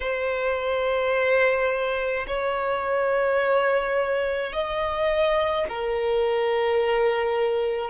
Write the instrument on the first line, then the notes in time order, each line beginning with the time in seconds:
violin
0.00 C5
2.26 C#5
4.53 D#5
5.69 A#4